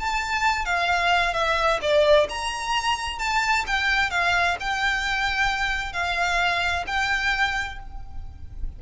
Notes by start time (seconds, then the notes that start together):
0.00 A5
0.65 F5
1.34 E5
1.82 D5
2.30 A#5
3.19 A5
3.67 G5
4.11 F5
4.60 G5
5.93 F5
6.87 G5